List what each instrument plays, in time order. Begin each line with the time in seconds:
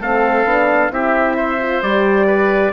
0.00 bassoon A3, horn C4, oboe A4, trumpet F5
0.45 bassoon B3, horn D4
0.91 bassoon C4, horn E4, oboe G4, trumpet E5
1.37 oboe C5
1.60 horn F4
1.83 bassoon G3, horn G4, trumpet D5
2.27 oboe B4